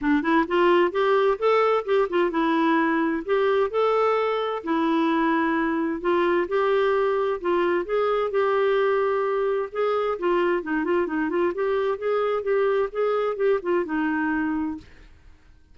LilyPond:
\new Staff \with { instrumentName = "clarinet" } { \time 4/4 \tempo 4 = 130 d'8 e'8 f'4 g'4 a'4 | g'8 f'8 e'2 g'4 | a'2 e'2~ | e'4 f'4 g'2 |
f'4 gis'4 g'2~ | g'4 gis'4 f'4 dis'8 f'8 | dis'8 f'8 g'4 gis'4 g'4 | gis'4 g'8 f'8 dis'2 | }